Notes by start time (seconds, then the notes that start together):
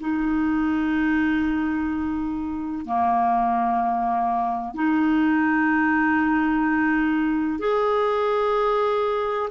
0.00 D#4
2.86 A#3
4.74 D#4
7.59 G#4